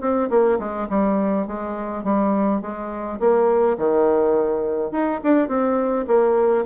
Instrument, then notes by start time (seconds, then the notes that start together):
bassoon
0.00 C4
0.29 A#3
0.59 G#3
0.89 G3
1.47 G#3
2.03 G3
2.61 G#3
3.19 A#3
3.77 D#3
4.91 D#4
5.23 D4
5.48 C4
6.07 A#3